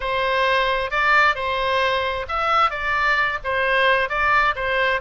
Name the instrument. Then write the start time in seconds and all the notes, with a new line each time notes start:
oboe
0.00 C5
0.90 D5
1.35 C5
2.28 E5
2.70 D5
3.44 C5
4.09 D5
4.55 C5